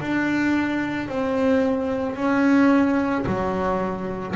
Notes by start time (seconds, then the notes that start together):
0.00 D4
1.08 C4
2.16 C#4
3.26 F#3